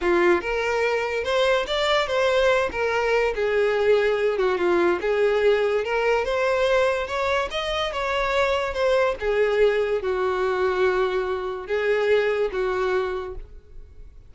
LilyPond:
\new Staff \with { instrumentName = "violin" } { \time 4/4 \tempo 4 = 144 f'4 ais'2 c''4 | d''4 c''4. ais'4. | gis'2~ gis'8 fis'8 f'4 | gis'2 ais'4 c''4~ |
c''4 cis''4 dis''4 cis''4~ | cis''4 c''4 gis'2 | fis'1 | gis'2 fis'2 | }